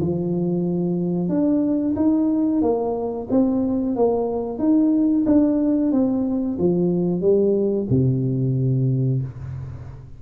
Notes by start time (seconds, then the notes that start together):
0.00 F3
1.29 D4
1.96 D#4
2.62 A#3
3.30 C4
3.96 A#3
4.59 D#4
5.26 D4
5.92 C4
6.59 F3
7.21 G3
7.90 C3